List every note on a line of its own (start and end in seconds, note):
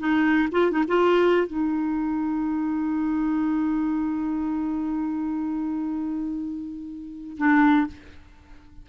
0.00 0.49 D#4
0.52 0.72 F4
0.72 0.84 D#4
0.88 1.47 F4
1.47 7.37 D#4
7.38 7.88 D4